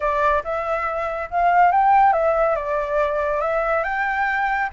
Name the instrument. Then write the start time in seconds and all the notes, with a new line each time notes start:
flute
0.00 D5
0.43 E5
1.30 F5
1.71 G5
2.13 E5
2.55 D5
3.41 E5
3.83 G5